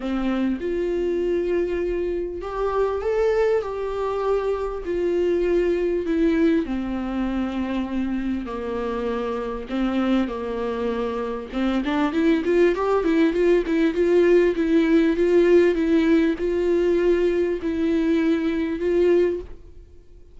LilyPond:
\new Staff \with { instrumentName = "viola" } { \time 4/4 \tempo 4 = 99 c'4 f'2. | g'4 a'4 g'2 | f'2 e'4 c'4~ | c'2 ais2 |
c'4 ais2 c'8 d'8 | e'8 f'8 g'8 e'8 f'8 e'8 f'4 | e'4 f'4 e'4 f'4~ | f'4 e'2 f'4 | }